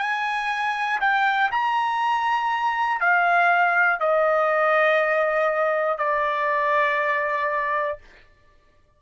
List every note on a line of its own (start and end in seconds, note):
0.00 1.00 G#5
1.01 1.51 G5
1.52 3.01 A#5
3.01 4.00 F5
4.00 5.98 D#5
5.98 7.98 D5